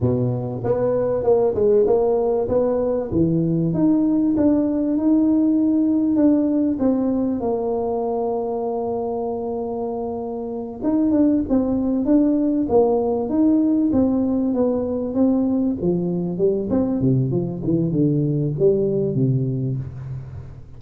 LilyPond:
\new Staff \with { instrumentName = "tuba" } { \time 4/4 \tempo 4 = 97 b,4 b4 ais8 gis8 ais4 | b4 e4 dis'4 d'4 | dis'2 d'4 c'4 | ais1~ |
ais4. dis'8 d'8 c'4 d'8~ | d'8 ais4 dis'4 c'4 b8~ | b8 c'4 f4 g8 c'8 c8 | f8 e8 d4 g4 c4 | }